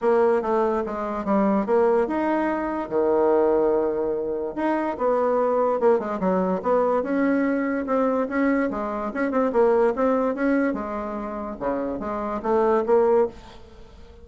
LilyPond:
\new Staff \with { instrumentName = "bassoon" } { \time 4/4 \tempo 4 = 145 ais4 a4 gis4 g4 | ais4 dis'2 dis4~ | dis2. dis'4 | b2 ais8 gis8 fis4 |
b4 cis'2 c'4 | cis'4 gis4 cis'8 c'8 ais4 | c'4 cis'4 gis2 | cis4 gis4 a4 ais4 | }